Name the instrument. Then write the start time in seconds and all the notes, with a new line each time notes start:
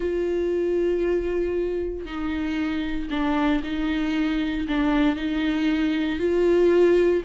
viola
0.00 F4
2.05 D#4
3.10 D4
3.63 D#4
4.67 D4
5.16 D#4
6.19 F4